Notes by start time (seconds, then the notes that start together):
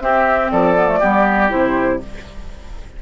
0.00 C4 G4 E5
0.51 F3 A4 D5
0.75 B3
0.87 A3
0.99 G3 B3 G4
1.49 C3 E4 C5